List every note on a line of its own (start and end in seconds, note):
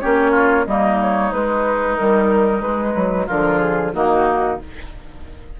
0.00 0.66 A#3
0.00 0.65 C#4
0.00 0.31 G4
0.00 0.65 C#5
0.31 0.63 F4
0.66 1.32 G3
0.66 1.31 A#3
0.66 3.26 D#4
0.66 0.99 D#5
1.01 1.32 C#5
1.31 1.96 G#3
1.31 1.97 G#3
1.31 1.96 B4
1.96 2.61 D#3
1.96 2.63 G3
1.96 2.61 A#4
2.61 2.93 G#3
2.61 3.28 G#3
2.61 3.26 B4
2.95 3.27 F#3
3.26 3.93 D3
3.26 3.94 F3
3.26 3.91 F4
3.26 3.58 A#4
3.58 3.91 G#4
3.93 4.58 D#3
3.93 4.60 A#3
3.93 4.60 D#4
3.93 4.59 F#4